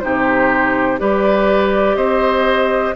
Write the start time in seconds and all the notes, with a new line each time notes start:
0.00 C3 D#4 G4 C5
0.99 G3 G4 B4 D5
1.96 C4 C5 D#5